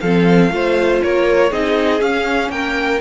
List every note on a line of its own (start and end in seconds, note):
0.00 0.51 F3
0.00 0.51 C4
0.00 0.52 A4
0.00 1.00 F5
0.51 1.01 A3
0.51 1.51 F4
0.51 1.03 C5
1.03 1.51 A#3
1.03 1.50 A#4
1.03 1.53 C#5
1.50 2.01 C4
1.50 1.99 D#4
1.50 2.50 G#4
1.50 2.02 D#5
1.99 2.99 C#4
1.99 2.49 C#4
1.99 2.51 F5
2.49 2.99 A#3
2.49 3.01 A#4
2.49 3.01 G5